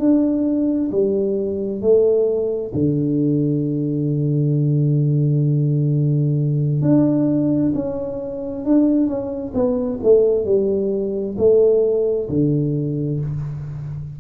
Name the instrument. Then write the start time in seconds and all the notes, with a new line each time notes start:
tuba
0.00 D4
0.92 G3
1.82 A3
2.75 D3
6.82 D4
7.75 C#4
8.66 D4
9.07 C#4
9.55 B3
10.03 A3
10.46 G3
11.38 A3
12.29 D3